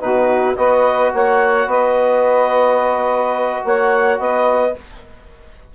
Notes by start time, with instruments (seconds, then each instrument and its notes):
0.00 bassoon B2, trombone D#4, saxophone F#4, clarinet B4
0.56 bassoon B3, trombone F#4, saxophone B4, clarinet D#5
1.13 bassoon A#3, saxophone C#5, clarinet F#5
1.66 bassoon B3, saxophone B4, clarinet D#5
3.64 bassoon A#3, saxophone C#5, clarinet F#5
4.19 bassoon B3, saxophone B4, clarinet D#5